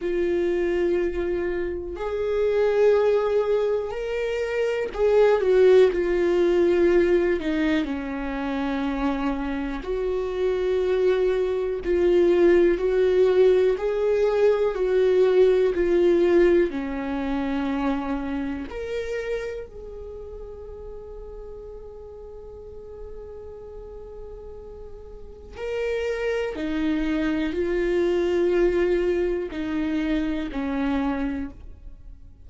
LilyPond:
\new Staff \with { instrumentName = "viola" } { \time 4/4 \tempo 4 = 61 f'2 gis'2 | ais'4 gis'8 fis'8 f'4. dis'8 | cis'2 fis'2 | f'4 fis'4 gis'4 fis'4 |
f'4 cis'2 ais'4 | gis'1~ | gis'2 ais'4 dis'4 | f'2 dis'4 cis'4 | }